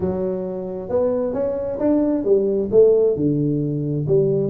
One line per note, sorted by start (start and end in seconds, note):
0.00 0.89 F#3
0.89 1.33 B3
1.33 1.78 C#4
1.79 2.24 D4
2.24 2.69 G3
2.71 3.16 A3
3.16 4.06 D3
4.07 4.50 G3